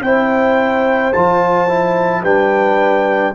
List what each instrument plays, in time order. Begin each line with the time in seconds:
0.00 tuba C4, trombone E4, horn C5, trumpet G5
1.12 tuba F3, trombone F4, trumpet A5
1.68 trombone E4
2.22 tuba G3, trombone D4, horn B4, trumpet G5